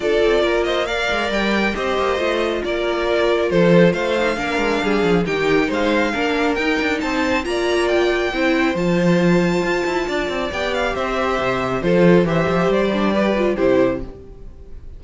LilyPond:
<<
  \new Staff \with { instrumentName = "violin" } { \time 4/4 \tempo 4 = 137 d''4. dis''8 f''4 g''4 | dis''2 d''2 | c''4 f''2. | g''4 f''2 g''4 |
a''4 ais''4 g''2 | a''1 | g''8 f''8 e''2 c''4 | e''4 d''2 c''4 | }
  \new Staff \with { instrumentName = "violin" } { \time 4/4 a'4 ais'8 c''8 d''2 | c''2 ais'2 | a'4 c''4 ais'4 gis'4 | g'4 c''4 ais'2 |
c''4 d''2 c''4~ | c''2. d''4~ | d''4 c''2 a'4 | c''2 b'4 g'4 | }
  \new Staff \with { instrumentName = "viola" } { \time 4/4 f'2 ais'2 | g'4 f'2.~ | f'4. dis'8 d'2 | dis'2 d'4 dis'4~ |
dis'4 f'2 e'4 | f'1 | g'2. f'4 | g'4. d'8 g'8 f'8 e'4 | }
  \new Staff \with { instrumentName = "cello" } { \time 4/4 d'8 c'8 ais4. gis8 g4 | c'8 ais8 a4 ais2 | f4 a4 ais8 gis8 g8 f8 | dis4 gis4 ais4 dis'8 d'8 |
c'4 ais2 c'4 | f2 f'8 e'8 d'8 c'8 | b4 c'4 c4 f4 | e8 f8 g2 c4 | }
>>